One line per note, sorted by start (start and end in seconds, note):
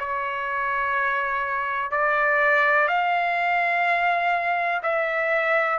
0.00 1.91 C#5
1.91 2.88 D5
2.88 4.82 F5
4.83 5.79 E5